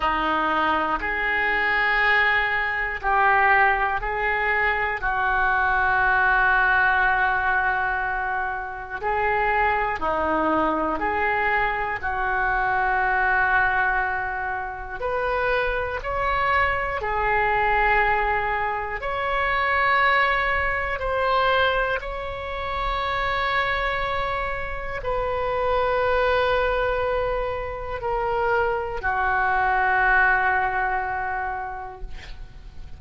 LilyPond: \new Staff \with { instrumentName = "oboe" } { \time 4/4 \tempo 4 = 60 dis'4 gis'2 g'4 | gis'4 fis'2.~ | fis'4 gis'4 dis'4 gis'4 | fis'2. b'4 |
cis''4 gis'2 cis''4~ | cis''4 c''4 cis''2~ | cis''4 b'2. | ais'4 fis'2. | }